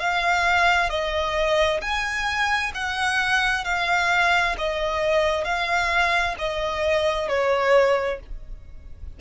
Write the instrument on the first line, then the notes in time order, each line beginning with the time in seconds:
violin
0.00 F5
0.90 D#5
1.81 G#5
2.74 F#5
3.65 F5
4.58 D#5
5.45 F5
6.39 D#5
7.29 C#5